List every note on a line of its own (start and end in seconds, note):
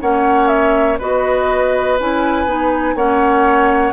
0.00 0.99 A#3
0.00 0.98 C#4
0.00 0.98 C#5
0.00 0.47 F#5
0.47 0.97 E5
0.98 1.99 B3
0.98 1.98 F#4
0.98 2.95 B4
0.98 1.98 D#5
1.98 2.45 C#4
1.98 2.47 E4
1.98 2.96 G#5
2.45 2.94 B3
2.45 2.96 D#4
2.95 3.92 A#3
2.95 3.92 C#4
2.95 3.92 C#5
2.95 3.92 F#5